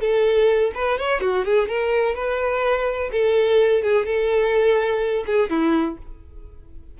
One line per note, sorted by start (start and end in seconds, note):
0.00 0.71 A4
0.74 0.98 B4
0.98 1.21 C#5
1.21 1.44 F#4
1.44 1.68 G#4
1.68 2.15 A#4
2.15 3.10 B4
3.11 3.82 A4
3.82 4.05 G#4
4.05 5.24 A4
5.26 5.49 G#4
5.49 5.97 E4